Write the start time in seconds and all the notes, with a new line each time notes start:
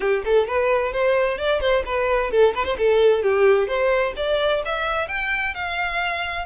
0.00 G4
0.24 A4
0.47 B4
0.92 C5
1.37 D5
1.60 C5
1.85 B4
2.31 A4
2.54 B4
2.65 C5
2.78 A4
3.22 G4
3.67 C5
4.16 D5
4.65 E5
5.08 G5
5.54 F5